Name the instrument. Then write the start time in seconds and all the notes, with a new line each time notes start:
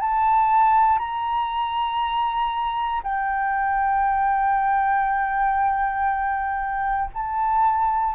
flute
0.00 A5
0.98 A#5
3.03 G5
7.13 A5